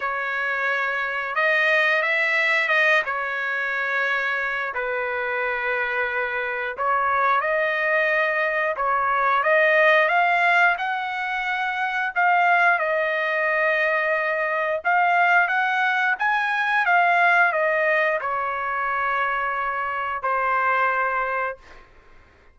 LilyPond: \new Staff \with { instrumentName = "trumpet" } { \time 4/4 \tempo 4 = 89 cis''2 dis''4 e''4 | dis''8 cis''2~ cis''8 b'4~ | b'2 cis''4 dis''4~ | dis''4 cis''4 dis''4 f''4 |
fis''2 f''4 dis''4~ | dis''2 f''4 fis''4 | gis''4 f''4 dis''4 cis''4~ | cis''2 c''2 | }